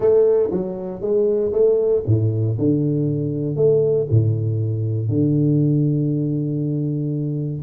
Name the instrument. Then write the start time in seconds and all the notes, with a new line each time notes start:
tuba
0.00 A3
0.51 F#3
1.01 G#3
1.52 A3
2.06 A2
2.58 D3
3.56 A3
4.10 A2
5.08 D3